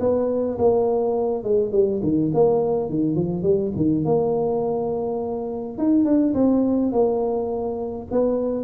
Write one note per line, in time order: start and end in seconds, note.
0.00 0.58 B3
0.58 1.43 A#3
1.43 1.72 G#3
1.72 2.00 G3
2.03 2.32 D#3
2.34 2.90 A#3
2.90 3.15 D#3
3.15 3.43 F3
3.43 3.72 G3
3.76 4.05 D#3
4.05 5.78 A#3
5.78 6.04 D#4
6.04 6.33 D4
6.34 6.92 C4
6.92 8.07 A#3
8.11 8.64 B3